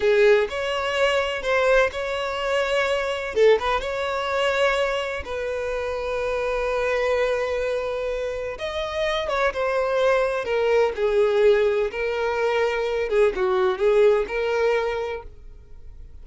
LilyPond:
\new Staff \with { instrumentName = "violin" } { \time 4/4 \tempo 4 = 126 gis'4 cis''2 c''4 | cis''2. a'8 b'8 | cis''2. b'4~ | b'1~ |
b'2 dis''4. cis''8 | c''2 ais'4 gis'4~ | gis'4 ais'2~ ais'8 gis'8 | fis'4 gis'4 ais'2 | }